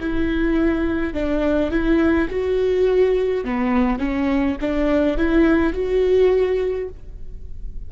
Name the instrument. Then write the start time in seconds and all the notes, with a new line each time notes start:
viola
0.00 E4
1.14 D4
1.71 E4
2.30 F#4
3.45 B3
3.99 C#4
4.61 D4
5.17 E4
5.73 F#4